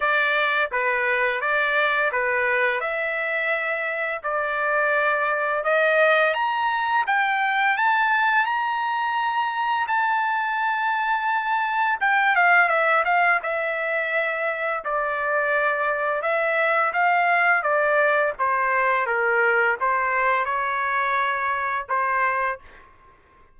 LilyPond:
\new Staff \with { instrumentName = "trumpet" } { \time 4/4 \tempo 4 = 85 d''4 b'4 d''4 b'4 | e''2 d''2 | dis''4 ais''4 g''4 a''4 | ais''2 a''2~ |
a''4 g''8 f''8 e''8 f''8 e''4~ | e''4 d''2 e''4 | f''4 d''4 c''4 ais'4 | c''4 cis''2 c''4 | }